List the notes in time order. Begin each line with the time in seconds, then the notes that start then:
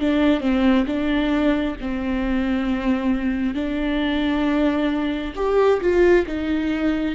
0.00 D4
0.41 C4
0.87 D4
1.80 C4
3.55 D4
5.36 G4
5.81 F4
6.27 D#4